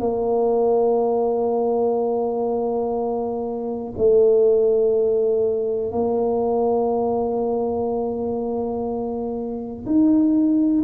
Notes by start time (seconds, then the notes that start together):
0.00 A#3
3.97 A3
5.92 A#3
9.86 D#4